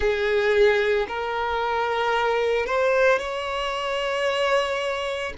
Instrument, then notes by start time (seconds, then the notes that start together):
violin
0.00 G#4
1.08 A#4
2.65 C5
3.19 C#5